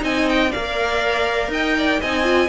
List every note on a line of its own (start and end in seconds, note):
0.00 0.53 C4
0.00 0.50 D#4
0.00 0.52 D#5
0.00 0.29 G#5
0.29 0.52 G5
0.52 1.49 A#3
0.52 2.03 A#4
0.52 1.51 D5
0.52 1.51 F5
1.49 1.98 D#4
1.49 1.77 D#5
1.49 2.02 G5
1.78 2.01 D5
2.01 2.49 C4
2.01 2.24 D#4
2.01 2.49 D#5
2.01 2.49 G#5
2.24 2.49 F4